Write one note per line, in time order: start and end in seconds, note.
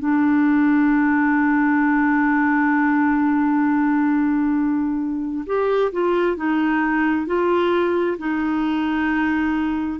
0.00 5.45 D4
5.46 5.92 G4
5.93 6.37 F4
6.37 7.27 D#4
7.27 8.18 F4
8.19 10.00 D#4